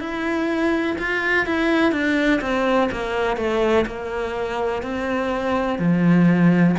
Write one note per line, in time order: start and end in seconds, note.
0.00 0.97 E4
0.98 1.46 F4
1.46 1.92 E4
1.92 2.40 D4
2.41 2.89 C4
2.92 3.37 A#3
3.37 3.85 A3
3.86 4.82 A#3
4.82 5.78 C4
5.78 6.75 F3